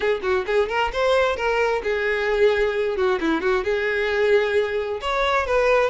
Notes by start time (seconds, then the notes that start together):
0.00 G#4
0.22 F#4
0.46 G#4
0.68 A#4
0.92 C5
1.36 A#4
1.83 G#4
2.96 F#4
3.20 E4
3.41 F#4
3.64 G#4
5.01 C#5
5.46 B4